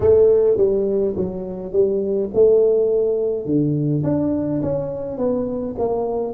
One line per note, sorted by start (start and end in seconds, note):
0.00 0.57 A3
0.57 1.15 G3
1.16 1.72 F#3
1.72 2.30 G3
2.33 3.45 A3
3.45 4.03 D3
4.03 4.61 D4
4.62 5.17 C#4
5.17 5.75 B3
5.78 6.33 A#3